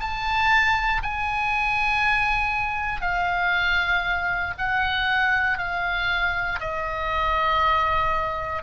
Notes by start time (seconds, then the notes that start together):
0.00 A5
1.03 G#5
3.01 F5
4.58 F#5
5.57 F5
6.60 D#5